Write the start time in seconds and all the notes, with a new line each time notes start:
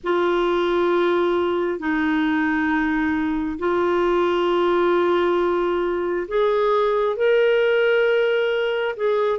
0.03 F4
1.79 D#4
3.58 F4
6.28 G#4
7.16 A#4
8.96 G#4